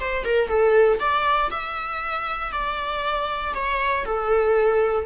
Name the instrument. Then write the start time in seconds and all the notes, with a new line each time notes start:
viola
0.00 C5
0.25 A#4
0.49 A4
1.00 D5
1.51 E5
2.52 D5
3.55 C#5
4.05 A4